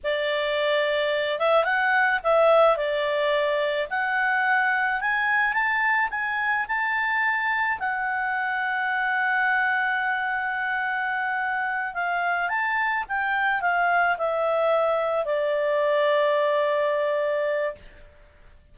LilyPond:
\new Staff \with { instrumentName = "clarinet" } { \time 4/4 \tempo 4 = 108 d''2~ d''8 e''8 fis''4 | e''4 d''2 fis''4~ | fis''4 gis''4 a''4 gis''4 | a''2 fis''2~ |
fis''1~ | fis''4. f''4 a''4 g''8~ | g''8 f''4 e''2 d''8~ | d''1 | }